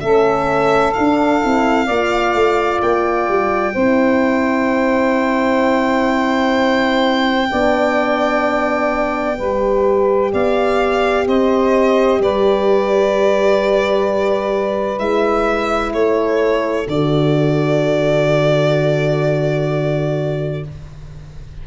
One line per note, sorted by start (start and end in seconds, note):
0.00 0.95 A3
0.00 0.95 C#4
0.00 1.85 A4
0.00 0.93 E5
0.93 1.40 D4
0.93 1.44 D4
0.93 2.81 F5
1.40 1.88 C4
1.40 1.87 E4
1.85 2.34 A#3
1.85 3.76 F4
1.85 3.73 D5
2.34 2.81 A3
2.81 3.28 A#3
2.81 10.31 G5
3.28 3.75 G3
3.73 7.50 C4
3.73 7.49 E4
3.73 7.48 C5
7.49 9.39 B3
7.49 9.37 D4
7.49 9.37 D5
9.37 10.32 G3
9.37 14.99 G4
9.37 10.31 B4
10.31 11.26 B3
10.31 11.25 D5
10.31 11.27 F5
11.26 12.19 C4
11.26 12.20 C5
11.26 12.22 D#5
12.19 14.99 G3
12.19 15.95 B4
12.19 14.98 D5
14.98 15.92 G#3
14.98 16.86 E4
14.98 15.92 E5
15.92 16.86 A3
15.92 20.63 A4
15.92 16.87 C#5
16.87 20.62 D3
16.87 20.67 F#4
16.87 20.64 D5